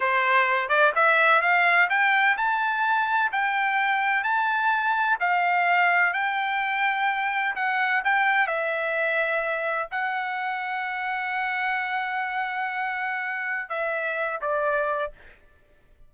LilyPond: \new Staff \with { instrumentName = "trumpet" } { \time 4/4 \tempo 4 = 127 c''4. d''8 e''4 f''4 | g''4 a''2 g''4~ | g''4 a''2 f''4~ | f''4 g''2. |
fis''4 g''4 e''2~ | e''4 fis''2.~ | fis''1~ | fis''4 e''4. d''4. | }